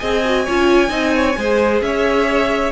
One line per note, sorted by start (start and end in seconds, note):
0.00 0.48 C4
0.00 0.23 G#4
0.00 0.45 D#5
0.00 1.82 G#5
0.25 0.48 F#4
0.45 0.91 C#4
0.45 0.90 F4
0.45 0.89 C#5
0.89 1.36 C4
0.89 1.35 D#4
0.89 1.12 D#5
1.16 1.39 C#5
1.37 1.81 G#3
1.37 2.73 G#4
1.37 1.84 C5
1.81 2.72 C#4
1.81 2.73 C#5
1.81 2.73 E5